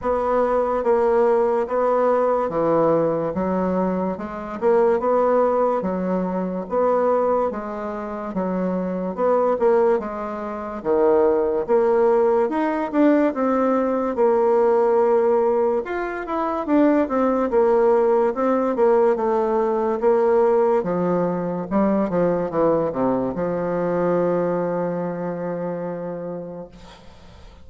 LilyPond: \new Staff \with { instrumentName = "bassoon" } { \time 4/4 \tempo 4 = 72 b4 ais4 b4 e4 | fis4 gis8 ais8 b4 fis4 | b4 gis4 fis4 b8 ais8 | gis4 dis4 ais4 dis'8 d'8 |
c'4 ais2 f'8 e'8 | d'8 c'8 ais4 c'8 ais8 a4 | ais4 f4 g8 f8 e8 c8 | f1 | }